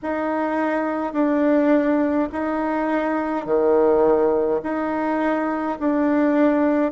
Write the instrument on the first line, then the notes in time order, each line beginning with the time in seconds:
bassoon
0.02 D#4
1.13 D4
2.32 D#4
3.45 D#3
4.63 D#4
5.79 D4